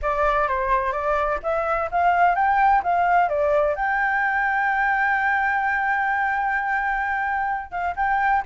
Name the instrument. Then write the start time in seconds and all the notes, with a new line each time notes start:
flute
0.02 D5
0.48 C5
0.92 D5
1.43 E5
1.91 F5
2.35 G5
2.83 F5
3.28 D5
3.75 G5
7.71 F5
7.96 G5